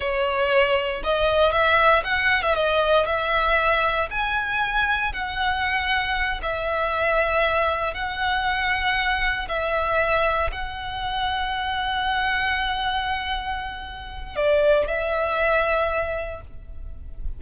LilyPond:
\new Staff \with { instrumentName = "violin" } { \time 4/4 \tempo 4 = 117 cis''2 dis''4 e''4 | fis''8. e''16 dis''4 e''2 | gis''2 fis''2~ | fis''8 e''2. fis''8~ |
fis''2~ fis''8 e''4.~ | e''8 fis''2.~ fis''8~ | fis''1 | d''4 e''2. | }